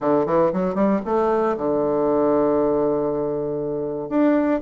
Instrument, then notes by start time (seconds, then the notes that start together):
bassoon
0.00 D3
0.26 E3
0.52 F#3
0.74 G3
1.05 A3
1.57 D3
4.09 D4